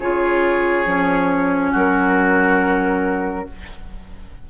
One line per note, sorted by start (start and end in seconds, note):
0.00 0.86 C#3
0.00 0.86 F4
0.00 1.72 G#4
0.00 1.74 C#5
0.86 1.73 F3
0.86 3.47 C#4
1.72 3.48 F#3
1.72 3.46 F#4
1.72 3.50 A#4